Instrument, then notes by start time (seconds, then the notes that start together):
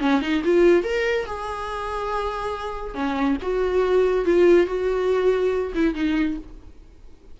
viola
0.00 C#4
0.21 D#4
0.44 F4
0.83 A#4
1.26 G#4
2.94 C#4
3.42 F#4
4.25 F4
4.66 F#4
5.75 E4
5.94 D#4